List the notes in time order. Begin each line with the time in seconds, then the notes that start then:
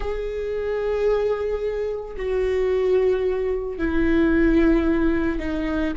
0.00 G#4
2.16 F#4
3.78 E4
5.39 D#4